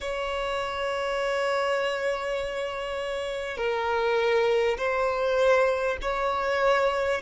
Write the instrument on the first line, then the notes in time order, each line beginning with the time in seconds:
violin
0.00 C#5
3.57 A#4
4.77 C5
6.01 C#5